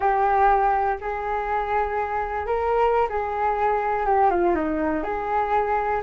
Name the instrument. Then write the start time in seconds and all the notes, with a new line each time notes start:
flute
0.00 G4
1.01 G#4
2.46 A#4
3.09 G#4
4.06 G4
4.30 F4
4.55 D#4
5.03 G#4